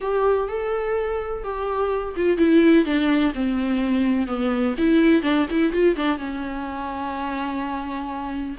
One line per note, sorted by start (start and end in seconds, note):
0.00 0.48 G4
0.48 1.43 A4
1.43 2.15 G4
2.16 2.37 F4
2.37 2.85 E4
2.85 3.32 D4
3.34 4.27 C4
4.27 4.74 B3
4.78 5.22 E4
5.22 5.46 D4
5.50 5.72 E4
5.72 5.95 F4
5.95 6.18 D4
6.18 8.56 C#4